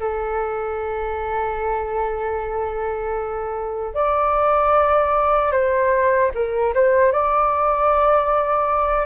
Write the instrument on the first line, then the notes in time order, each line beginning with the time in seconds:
flute
0.00 A4
3.95 D5
5.52 C5
6.34 A#4
6.75 C5
7.12 D5